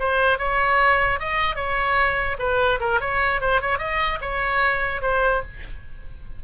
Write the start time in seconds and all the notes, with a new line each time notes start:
0.00 C5
0.39 C#5
1.20 D#5
1.56 C#5
2.39 B4
2.80 A#4
3.01 C#5
3.41 C5
3.62 C#5
3.79 D#5
4.22 C#5
5.02 C5